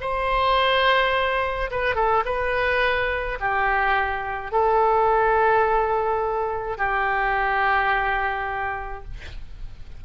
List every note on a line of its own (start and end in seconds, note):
0.00 1.70 C5
1.70 1.95 B4
1.95 2.23 A4
2.25 3.38 B4
3.40 4.51 G4
4.51 6.77 A4
6.77 9.04 G4